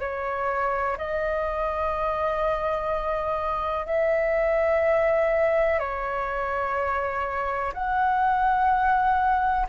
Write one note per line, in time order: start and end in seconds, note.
0.00 0.97 C#5
0.98 3.86 D#5
3.86 5.79 E5
5.79 7.73 C#5
7.73 9.67 F#5